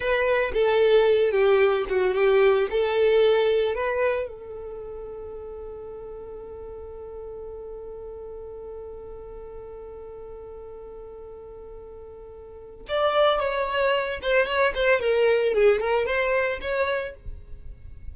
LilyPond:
\new Staff \with { instrumentName = "violin" } { \time 4/4 \tempo 4 = 112 b'4 a'4. g'4 fis'8 | g'4 a'2 b'4 | a'1~ | a'1~ |
a'1~ | a'1 | d''4 cis''4. c''8 cis''8 c''8 | ais'4 gis'8 ais'8 c''4 cis''4 | }